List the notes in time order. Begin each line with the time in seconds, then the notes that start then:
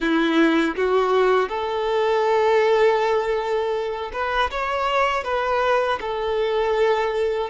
0.00 E4
0.76 F#4
1.48 A4
4.12 B4
4.50 C#5
5.24 B4
6.00 A4